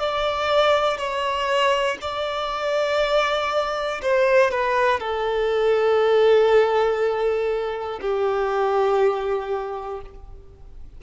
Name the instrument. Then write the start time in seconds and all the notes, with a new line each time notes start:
violin
0.00 D5
0.98 C#5
2.01 D5
4.02 C5
4.50 B4
5.00 A4
8.01 G4